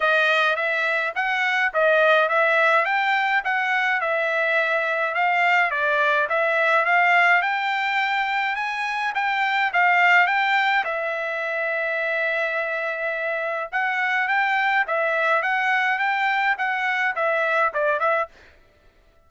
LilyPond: \new Staff \with { instrumentName = "trumpet" } { \time 4/4 \tempo 4 = 105 dis''4 e''4 fis''4 dis''4 | e''4 g''4 fis''4 e''4~ | e''4 f''4 d''4 e''4 | f''4 g''2 gis''4 |
g''4 f''4 g''4 e''4~ | e''1 | fis''4 g''4 e''4 fis''4 | g''4 fis''4 e''4 d''8 e''8 | }